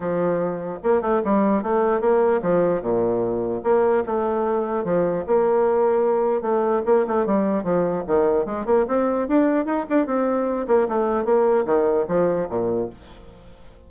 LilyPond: \new Staff \with { instrumentName = "bassoon" } { \time 4/4 \tempo 4 = 149 f2 ais8 a8 g4 | a4 ais4 f4 ais,4~ | ais,4 ais4 a2 | f4 ais2. |
a4 ais8 a8 g4 f4 | dis4 gis8 ais8 c'4 d'4 | dis'8 d'8 c'4. ais8 a4 | ais4 dis4 f4 ais,4 | }